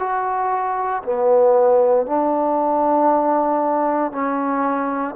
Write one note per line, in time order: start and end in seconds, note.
0.00 1.03 F#4
1.04 2.07 B3
2.07 4.12 D4
4.12 5.15 C#4